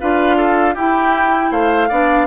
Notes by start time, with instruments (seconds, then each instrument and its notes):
0.00 bassoon D4, clarinet F4, oboe B4, flute F5
0.37 oboe A4
0.75 clarinet E4, bassoon E4, oboe G4, flute G5
1.51 bassoon A3, oboe C5, flute F5
1.89 bassoon B3, clarinet D4, oboe D5